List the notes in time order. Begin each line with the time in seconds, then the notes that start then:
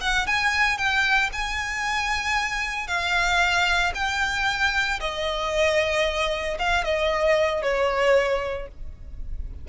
0.00 F#5
0.26 G#5
0.77 G5
1.32 G#5
2.87 F5
3.94 G5
5.00 D#5
6.58 F5
6.84 D#5
7.62 C#5